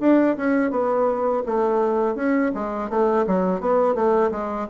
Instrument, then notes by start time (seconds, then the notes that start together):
bassoon
0.00 D4
0.37 C#4
0.71 B3
1.46 A3
2.15 C#4
2.54 G#3
2.89 A3
3.27 F#3
3.60 B3
3.95 A3
4.31 G#3